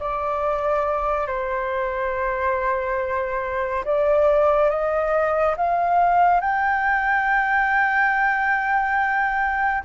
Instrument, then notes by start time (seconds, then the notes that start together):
flute
0.00 D5
1.27 C5
3.85 D5
4.70 D#5
5.57 F5
6.41 G5